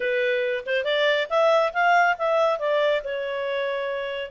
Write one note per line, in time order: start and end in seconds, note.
0.00 0.64 B4
0.66 0.84 C5
0.84 1.27 D5
1.29 1.72 E5
1.73 2.16 F5
2.18 2.59 E5
2.59 3.02 D5
3.04 4.31 C#5